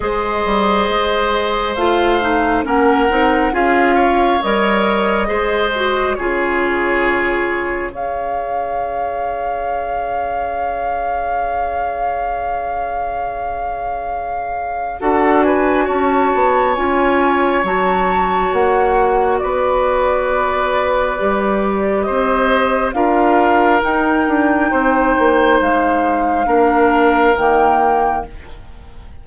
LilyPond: <<
  \new Staff \with { instrumentName = "flute" } { \time 4/4 \tempo 4 = 68 dis''2 f''4 fis''4 | f''4 dis''2 cis''4~ | cis''4 f''2.~ | f''1~ |
f''4 fis''8 gis''8 a''4 gis''4 | a''4 fis''4 d''2~ | d''4 dis''4 f''4 g''4~ | g''4 f''2 g''4 | }
  \new Staff \with { instrumentName = "oboe" } { \time 4/4 c''2. ais'4 | gis'8 cis''4. c''4 gis'4~ | gis'4 cis''2.~ | cis''1~ |
cis''4 a'8 b'8 cis''2~ | cis''2 b'2~ | b'4 c''4 ais'2 | c''2 ais'2 | }
  \new Staff \with { instrumentName = "clarinet" } { \time 4/4 gis'2 f'8 dis'8 cis'8 dis'8 | f'4 ais'4 gis'8 fis'8 f'4~ | f'4 gis'2.~ | gis'1~ |
gis'4 fis'2 f'4 | fis'1 | g'2 f'4 dis'4~ | dis'2 d'4 ais4 | }
  \new Staff \with { instrumentName = "bassoon" } { \time 4/4 gis8 g8 gis4 a4 ais8 c'8 | cis'4 g4 gis4 cis4~ | cis4 cis'2.~ | cis'1~ |
cis'4 d'4 cis'8 b8 cis'4 | fis4 ais4 b2 | g4 c'4 d'4 dis'8 d'8 | c'8 ais8 gis4 ais4 dis4 | }
>>